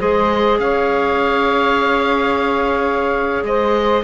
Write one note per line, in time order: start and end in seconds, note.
0.00 0.59 G#3
0.00 4.04 G#4
0.00 0.60 C5
0.00 0.60 D#5
0.59 3.44 C#4
0.59 3.47 C#5
0.59 3.45 F5
3.44 4.04 G#3
3.44 4.04 C5
3.44 4.04 D#5